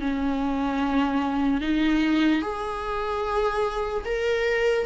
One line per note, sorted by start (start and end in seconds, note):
0.00 1.61 C#4
1.61 2.42 D#4
2.42 4.04 G#4
4.05 4.86 A#4